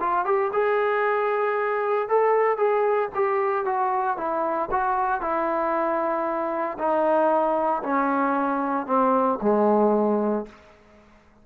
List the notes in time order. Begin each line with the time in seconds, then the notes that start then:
0.00 F4
0.25 G4
0.53 G#4
2.09 A4
2.57 G#4
3.15 G4
3.65 F#4
4.17 E4
4.71 F#4
5.21 E4
6.78 D#4
7.83 C#4
8.87 C4
9.42 G#3